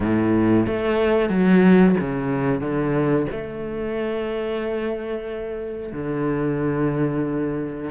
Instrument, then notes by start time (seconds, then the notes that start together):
cello
0.00 A2
0.66 A3
1.29 F#3
2.00 C#3
2.60 D3
3.31 A3
5.92 D3